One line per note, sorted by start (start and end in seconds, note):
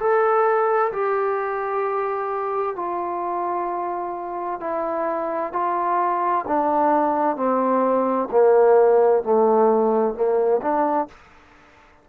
0.00 0.92 A4
0.92 2.76 G4
2.76 4.61 F4
4.61 5.53 E4
5.53 6.45 F4
6.48 7.37 D4
7.37 8.29 C4
8.31 9.23 A#3
9.23 10.15 A3
10.15 10.61 A#3
10.62 11.08 D4